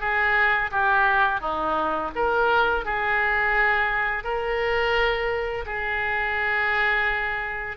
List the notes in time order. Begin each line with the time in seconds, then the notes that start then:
0.00 G#4
0.71 G4
1.40 D#4
2.15 A#4
2.85 G#4
4.24 A#4
5.65 G#4